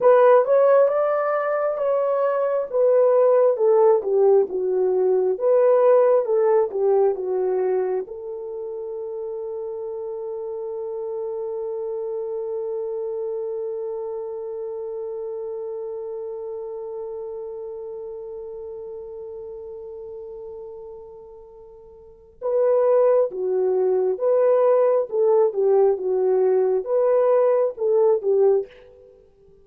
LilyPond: \new Staff \with { instrumentName = "horn" } { \time 4/4 \tempo 4 = 67 b'8 cis''8 d''4 cis''4 b'4 | a'8 g'8 fis'4 b'4 a'8 g'8 | fis'4 a'2.~ | a'1~ |
a'1~ | a'1~ | a'4 b'4 fis'4 b'4 | a'8 g'8 fis'4 b'4 a'8 g'8 | }